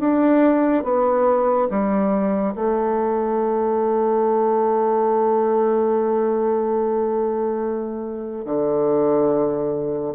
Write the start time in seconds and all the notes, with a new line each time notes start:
0.00 D4
0.84 B3
1.70 G3
2.55 A3
8.46 D3